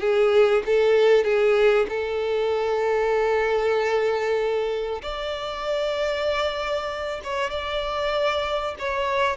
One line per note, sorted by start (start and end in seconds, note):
0.00 0.62 G#4
0.66 1.24 A4
1.24 1.87 G#4
1.89 5.01 A4
5.02 7.21 D5
7.24 7.50 C#5
7.50 8.75 D5
8.79 9.37 C#5